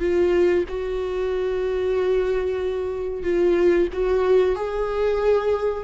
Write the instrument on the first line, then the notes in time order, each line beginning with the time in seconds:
viola
0.00 F4
0.69 F#4
3.23 F4
3.93 F#4
4.56 G#4